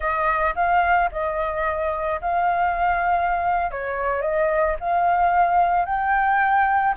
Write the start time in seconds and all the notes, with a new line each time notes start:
0.00 D#5
0.55 F5
1.11 D#5
2.21 F5
3.71 C#5
4.21 D#5
4.80 F5
5.85 G5